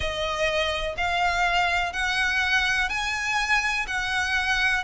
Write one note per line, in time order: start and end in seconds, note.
0.00 0.95 D#5
0.97 1.93 F5
1.93 2.89 F#5
2.89 3.86 G#5
3.87 4.83 F#5